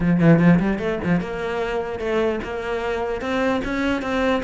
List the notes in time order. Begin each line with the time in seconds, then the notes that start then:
0.00 F3
0.20 E3
0.39 F3
0.59 G3
0.79 A3
1.04 F3
1.20 A#3
1.99 A3
2.43 A#3
3.21 C4
3.64 C#4
4.01 C4